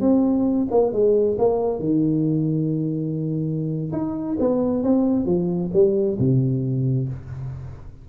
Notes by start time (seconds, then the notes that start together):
0.00 C4
0.70 A#3
0.92 G#3
1.38 A#3
1.79 D#3
3.92 D#4
4.39 B3
4.83 C4
5.25 F3
5.73 G3
6.19 C3